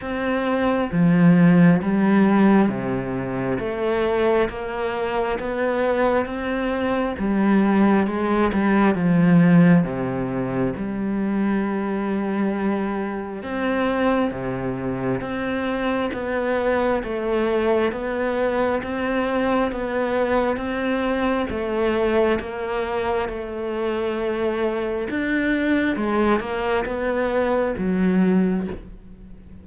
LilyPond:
\new Staff \with { instrumentName = "cello" } { \time 4/4 \tempo 4 = 67 c'4 f4 g4 c4 | a4 ais4 b4 c'4 | g4 gis8 g8 f4 c4 | g2. c'4 |
c4 c'4 b4 a4 | b4 c'4 b4 c'4 | a4 ais4 a2 | d'4 gis8 ais8 b4 fis4 | }